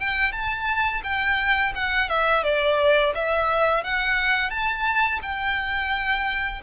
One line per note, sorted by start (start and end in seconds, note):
0.00 0.32 G5
0.32 1.02 A5
1.04 1.73 G5
1.75 2.09 F#5
2.09 2.44 E5
2.44 3.14 D5
3.15 3.84 E5
3.84 4.50 F#5
4.50 5.20 A5
5.23 6.62 G5